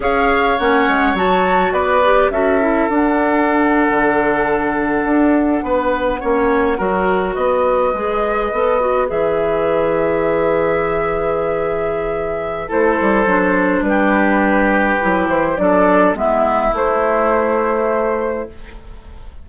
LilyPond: <<
  \new Staff \with { instrumentName = "flute" } { \time 4/4 \tempo 4 = 104 f''4 fis''4 a''4 d''4 | e''4 fis''2.~ | fis''1~ | fis''8. dis''2. e''16~ |
e''1~ | e''2 c''2 | b'2~ b'8 c''8 d''4 | e''4 c''2. | }
  \new Staff \with { instrumentName = "oboe" } { \time 4/4 cis''2. b'4 | a'1~ | a'4.~ a'16 b'4 cis''4 ais'16~ | ais'8. b'2.~ b'16~ |
b'1~ | b'2 a'2 | g'2. a'4 | e'1 | }
  \new Staff \with { instrumentName = "clarinet" } { \time 4/4 gis'4 cis'4 fis'4. g'8 | fis'8 e'8 d'2.~ | d'2~ d'8. cis'4 fis'16~ | fis'4.~ fis'16 gis'4 a'8 fis'8 gis'16~ |
gis'1~ | gis'2 e'4 d'4~ | d'2 e'4 d'4 | b4 a2. | }
  \new Staff \with { instrumentName = "bassoon" } { \time 4/4 cis'4 ais8 gis8 fis4 b4 | cis'4 d'4.~ d'16 d4~ d16~ | d8. d'4 b4 ais4 fis16~ | fis8. b4 gis4 b4 e16~ |
e1~ | e2 a8 g8 fis4 | g2 fis8 e8 fis4 | gis4 a2. | }
>>